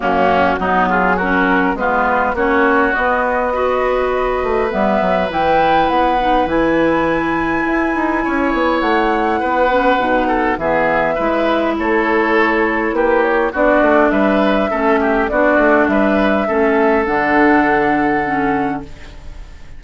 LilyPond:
<<
  \new Staff \with { instrumentName = "flute" } { \time 4/4 \tempo 4 = 102 fis'4. gis'8 ais'4 b'4 | cis''4 dis''2. | e''4 g''4 fis''4 gis''4~ | gis''2. fis''4~ |
fis''2 e''2 | cis''2 b'8 cis''8 d''4 | e''2 d''4 e''4~ | e''4 fis''2. | }
  \new Staff \with { instrumentName = "oboe" } { \time 4/4 cis'4 dis'8 f'8 fis'4 f'4 | fis'2 b'2~ | b'1~ | b'2 cis''2 |
b'4. a'8 gis'4 b'4 | a'2 g'4 fis'4 | b'4 a'8 g'8 fis'4 b'4 | a'1 | }
  \new Staff \with { instrumentName = "clarinet" } { \time 4/4 ais4 b4 cis'4 b4 | cis'4 b4 fis'2 | b4 e'4. dis'8 e'4~ | e'1~ |
e'8 cis'8 dis'4 b4 e'4~ | e'2. d'4~ | d'4 cis'4 d'2 | cis'4 d'2 cis'4 | }
  \new Staff \with { instrumentName = "bassoon" } { \time 4/4 fis,4 fis2 gis4 | ais4 b2~ b8 a8 | g8 fis8 e4 b4 e4~ | e4 e'8 dis'8 cis'8 b8 a4 |
b4 b,4 e4 gis4 | a2 ais4 b8 a8 | g4 a4 b8 a8 g4 | a4 d2. | }
>>